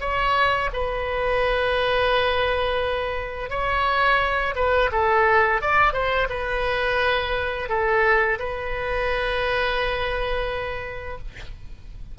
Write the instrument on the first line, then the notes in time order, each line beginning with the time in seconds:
oboe
0.00 C#5
0.73 B4
3.50 C#5
4.55 B4
4.92 A4
5.62 D5
5.93 C5
6.29 B4
7.69 A4
8.39 B4